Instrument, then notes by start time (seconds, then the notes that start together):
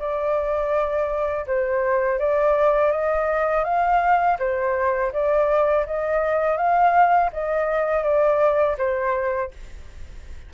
flute
0.00 D5
1.47 C5
2.20 D5
2.92 D#5
3.65 F5
4.39 C5
5.13 D5
5.86 D#5
6.57 F5
7.33 D#5
8.04 D5
8.78 C5